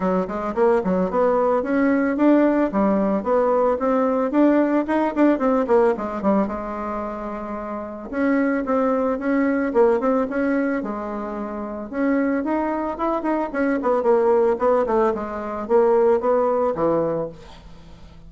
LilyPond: \new Staff \with { instrumentName = "bassoon" } { \time 4/4 \tempo 4 = 111 fis8 gis8 ais8 fis8 b4 cis'4 | d'4 g4 b4 c'4 | d'4 dis'8 d'8 c'8 ais8 gis8 g8 | gis2. cis'4 |
c'4 cis'4 ais8 c'8 cis'4 | gis2 cis'4 dis'4 | e'8 dis'8 cis'8 b8 ais4 b8 a8 | gis4 ais4 b4 e4 | }